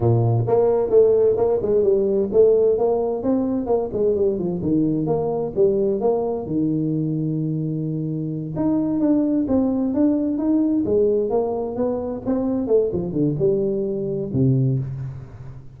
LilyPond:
\new Staff \with { instrumentName = "tuba" } { \time 4/4 \tempo 4 = 130 ais,4 ais4 a4 ais8 gis8 | g4 a4 ais4 c'4 | ais8 gis8 g8 f8 dis4 ais4 | g4 ais4 dis2~ |
dis2~ dis8 dis'4 d'8~ | d'8 c'4 d'4 dis'4 gis8~ | gis8 ais4 b4 c'4 a8 | f8 d8 g2 c4 | }